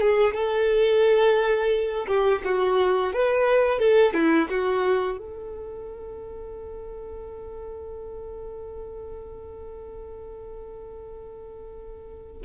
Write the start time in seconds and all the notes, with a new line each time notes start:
0.00 G#4
0.34 A4
2.07 G4
2.44 F#4
3.13 B4
3.79 A4
4.13 E4
4.50 F#4
5.18 A4